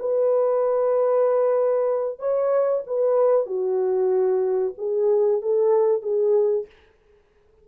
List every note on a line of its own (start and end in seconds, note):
0.00 2.20 B4
2.20 2.83 C#5
2.87 3.47 B4
3.47 4.74 F#4
4.78 5.42 G#4
5.42 6.03 A4
6.03 6.67 G#4